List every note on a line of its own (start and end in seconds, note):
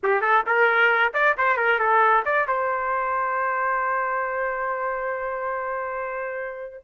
0.03 0.21 G4
0.21 0.43 A4
0.46 1.13 A#4
1.13 1.36 D5
1.37 1.57 C5
1.57 1.79 A#4
1.79 2.24 A4
2.25 2.47 D5
2.47 6.83 C5